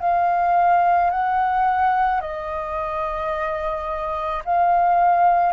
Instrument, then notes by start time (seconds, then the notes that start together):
flute
0.00 F5
1.10 F#5
2.21 D#5
4.45 F5